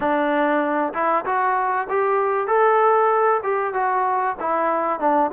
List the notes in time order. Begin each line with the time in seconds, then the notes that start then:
0.00 D4
0.93 E4
1.25 F#4
1.89 G4
2.47 A4
3.43 G4
3.73 F#4
4.39 E4
4.99 D4